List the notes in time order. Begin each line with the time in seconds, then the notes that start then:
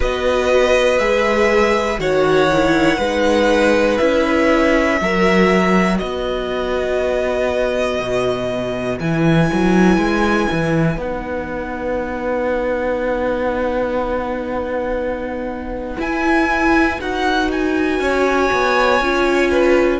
0.00 B3 F#4 B4 D#5
0.98 G#3 G#4 E5
1.99 D#3 F#4 C#5 F#5
2.51 E4
2.97 G#3 D#4 B4
3.97 C#4 E4 E5
5.00 F#3 F#4 A#4
5.98 B3 B4 D#5
7.99 B2
9.00 E3 E4 G#5
9.53 F#3
9.97 G#3
10.51 E3
10.96 B3 D#4 F#5
15.98 E4 G#5
17.00 D#4 F#4 F#5
17.51 G#5
17.99 C#4 C#5
18.52 B3
19.00 C#4 F4
19.51 B4